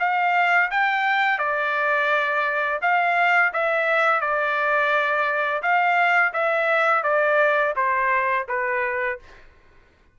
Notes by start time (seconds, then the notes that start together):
0.00 F5
0.71 G5
1.39 D5
2.82 F5
3.54 E5
4.21 D5
5.63 F5
6.34 E5
7.04 D5
7.76 C5
8.49 B4